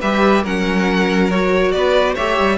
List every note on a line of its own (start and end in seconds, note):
0.00 0.44 G3
0.00 0.45 G4
0.00 0.43 B4
0.00 0.44 E5
0.43 1.73 F#3
0.43 1.31 C#4
0.43 1.73 A#4
0.43 1.30 F#5
1.30 2.17 F#4
1.30 1.71 C#5
1.71 2.16 B3
1.71 2.15 B4
1.71 2.14 D5
2.15 2.39 A3
2.15 2.57 G4
2.15 2.57 C#5
2.15 2.57 E5
2.39 2.57 G3